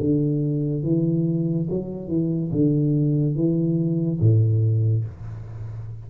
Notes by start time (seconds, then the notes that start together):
0.00 D3
0.83 E3
1.70 F#3
2.08 E3
2.52 D3
3.35 E3
4.20 A2